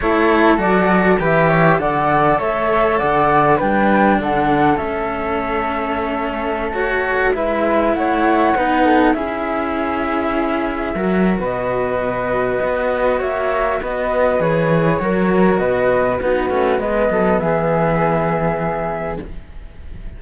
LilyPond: <<
  \new Staff \with { instrumentName = "flute" } { \time 4/4 \tempo 4 = 100 cis''4 d''4 e''4 fis''4 | e''4 fis''4 g''4 fis''4 | e''2.~ e''16 cis''8.~ | cis''16 e''4 fis''2 e''8.~ |
e''2. dis''4~ | dis''2 e''4 dis''4 | cis''2 dis''4 b'4 | dis''4 e''2. | }
  \new Staff \with { instrumentName = "flute" } { \time 4/4 a'2 b'8 cis''8 d''4 | cis''4 d''4 b'4 a'4~ | a'1~ | a'16 b'4 cis''4 b'8 a'8 gis'8.~ |
gis'2~ gis'16 ais'8. b'4~ | b'2 cis''4 b'4~ | b'4 ais'4 b'4 fis'4 | b'8 a'8 gis'2. | }
  \new Staff \with { instrumentName = "cello" } { \time 4/4 e'4 fis'4 g'4 a'4~ | a'2 d'2 | cis'2.~ cis'16 fis'8.~ | fis'16 e'2 dis'4 e'8.~ |
e'2~ e'16 fis'4.~ fis'16~ | fis'1 | gis'4 fis'2 dis'8 cis'8 | b1 | }
  \new Staff \with { instrumentName = "cello" } { \time 4/4 a4 fis4 e4 d4 | a4 d4 g4 d4 | a1~ | a16 gis4 a4 b4 cis'8.~ |
cis'2~ cis'16 fis8. b,4~ | b,4 b4 ais4 b4 | e4 fis4 b,4 b8 a8 | gis8 fis8 e2. | }
>>